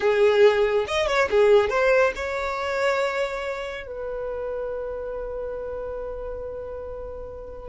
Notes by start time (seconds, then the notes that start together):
0.00 G#4
0.87 D#5
1.07 C#5
1.30 G#4
1.69 C5
2.15 C#5
3.86 B4